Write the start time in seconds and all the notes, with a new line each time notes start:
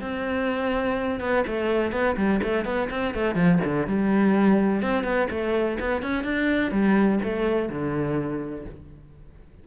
0.00 C4
1.20 B3
1.47 A3
1.92 B3
2.16 G3
2.43 A3
2.65 B3
2.90 C4
3.14 A3
3.35 F3
3.64 D3
3.87 G3
4.82 C4
5.04 B3
5.30 A3
5.80 B3
6.02 C#4
6.24 D4
6.71 G3
7.23 A3
7.69 D3